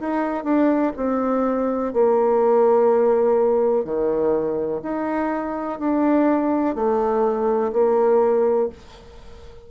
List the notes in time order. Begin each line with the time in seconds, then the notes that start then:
0.00 D#4
0.44 D4
0.96 C4
1.94 A#3
3.84 D#3
4.83 D#4
5.79 D4
6.75 A3
7.72 A#3